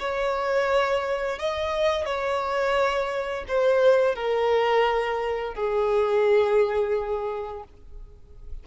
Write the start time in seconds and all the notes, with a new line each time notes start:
0.00 C#5
1.39 D#5
2.05 C#5
3.49 C5
4.15 A#4
5.55 G#4